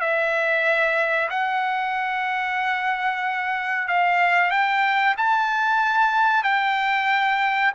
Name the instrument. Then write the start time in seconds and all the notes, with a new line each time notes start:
trumpet
0.00 E5
1.30 F#5
3.88 F5
4.50 G5
5.17 A5
6.43 G5